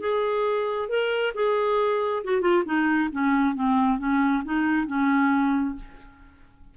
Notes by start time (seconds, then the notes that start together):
0.00 G#4
0.89 A#4
1.34 G#4
2.24 F#4
2.41 F4
2.65 D#4
3.12 C#4
3.55 C4
3.99 C#4
4.44 D#4
4.87 C#4